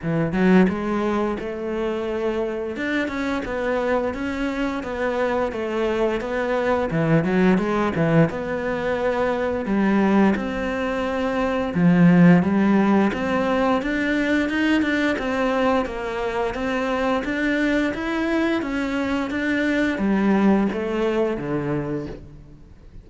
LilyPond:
\new Staff \with { instrumentName = "cello" } { \time 4/4 \tempo 4 = 87 e8 fis8 gis4 a2 | d'8 cis'8 b4 cis'4 b4 | a4 b4 e8 fis8 gis8 e8 | b2 g4 c'4~ |
c'4 f4 g4 c'4 | d'4 dis'8 d'8 c'4 ais4 | c'4 d'4 e'4 cis'4 | d'4 g4 a4 d4 | }